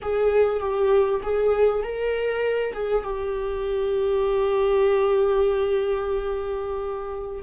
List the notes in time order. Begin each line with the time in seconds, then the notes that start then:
0.02 G#4
0.60 G4
1.22 G#4
1.83 A#4
2.73 G#4
3.03 G4